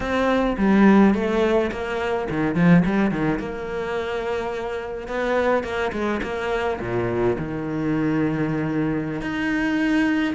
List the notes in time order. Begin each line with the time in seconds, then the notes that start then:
0.00 C4
0.57 G3
1.14 A3
1.71 A#3
2.30 D#3
2.55 F3
2.85 G3
3.11 D#3
3.39 A#3
5.07 B3
5.63 A#3
5.92 G#3
6.23 A#3
6.80 A#2
7.38 D#3
9.21 D#4